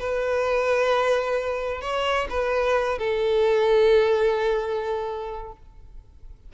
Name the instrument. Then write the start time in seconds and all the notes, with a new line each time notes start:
violin
0.00 B4
1.82 C#5
2.30 B4
2.99 A4